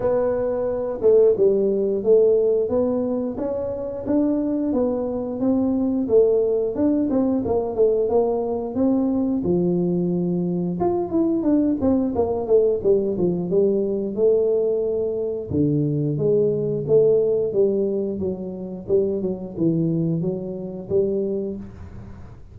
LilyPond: \new Staff \with { instrumentName = "tuba" } { \time 4/4 \tempo 4 = 89 b4. a8 g4 a4 | b4 cis'4 d'4 b4 | c'4 a4 d'8 c'8 ais8 a8 | ais4 c'4 f2 |
f'8 e'8 d'8 c'8 ais8 a8 g8 f8 | g4 a2 d4 | gis4 a4 g4 fis4 | g8 fis8 e4 fis4 g4 | }